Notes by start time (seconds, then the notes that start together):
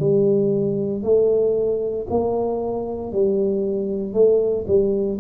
0.00 G3
1.03 A3
2.10 A#3
3.12 G3
4.14 A3
4.67 G3